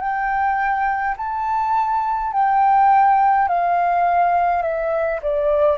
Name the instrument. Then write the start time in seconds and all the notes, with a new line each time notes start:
flute
0.00 G5
1.17 A5
2.32 G5
3.48 F5
4.62 E5
5.22 D5